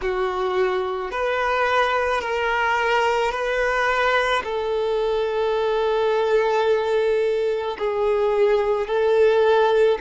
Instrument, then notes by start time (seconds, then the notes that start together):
violin
0.01 F#4
1.11 B4
2.21 A#4
3.31 B4
4.43 A4
7.78 G#4
8.87 A4